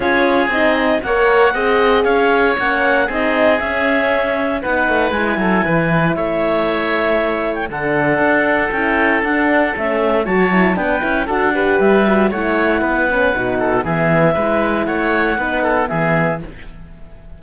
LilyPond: <<
  \new Staff \with { instrumentName = "clarinet" } { \time 4/4 \tempo 4 = 117 cis''4 dis''4 fis''2 | f''4 fis''4 dis''4 e''4~ | e''4 fis''4 gis''2 | e''2~ e''8. g''16 fis''4~ |
fis''4 g''4 fis''4 e''4 | a''4 g''4 fis''4 e''4 | fis''2. e''4~ | e''4 fis''2 e''4 | }
  \new Staff \with { instrumentName = "oboe" } { \time 4/4 gis'2 cis''4 dis''4 | cis''2 gis'2~ | gis'4 b'4. a'8 b'4 | cis''2. a'4~ |
a'1 | cis''4 b'4 a'8 b'4. | cis''4 b'4. a'8 gis'4 | b'4 cis''4 b'8 a'8 gis'4 | }
  \new Staff \with { instrumentName = "horn" } { \time 4/4 f'4 dis'4 ais'4 gis'4~ | gis'4 cis'4 dis'4 cis'4~ | cis'4 dis'4 e'2~ | e'2. d'4~ |
d'4 e'4 d'4 cis'4 | fis'8 e'8 d'8 e'8 fis'8 g'4 fis'8 | e'4. cis'8 dis'4 b4 | e'2 dis'4 b4 | }
  \new Staff \with { instrumentName = "cello" } { \time 4/4 cis'4 c'4 ais4 c'4 | cis'4 ais4 c'4 cis'4~ | cis'4 b8 a8 gis8 fis8 e4 | a2. d4 |
d'4 cis'4 d'4 a4 | fis4 b8 cis'8 d'4 g4 | a4 b4 b,4 e4 | gis4 a4 b4 e4 | }
>>